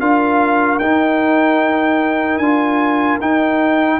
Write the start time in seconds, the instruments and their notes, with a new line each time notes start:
0.00 tuba D4, trombone F4, horn A#4, trumpet F5
0.79 tuba D#4, trombone D#4, trumpet G5
2.38 tuba D4, trombone F4, trumpet G#5
3.20 tuba D#4, trombone D#4, trumpet G5